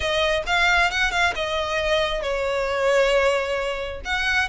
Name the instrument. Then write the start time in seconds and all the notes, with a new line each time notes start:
violin
0.00 D#5
0.46 F5
0.90 F#5
1.11 F5
1.35 D#5
2.22 C#5
4.04 F#5